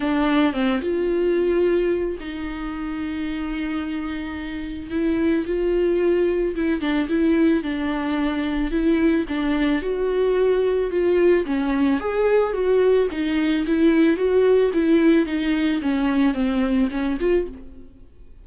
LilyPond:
\new Staff \with { instrumentName = "viola" } { \time 4/4 \tempo 4 = 110 d'4 c'8 f'2~ f'8 | dis'1~ | dis'4 e'4 f'2 | e'8 d'8 e'4 d'2 |
e'4 d'4 fis'2 | f'4 cis'4 gis'4 fis'4 | dis'4 e'4 fis'4 e'4 | dis'4 cis'4 c'4 cis'8 f'8 | }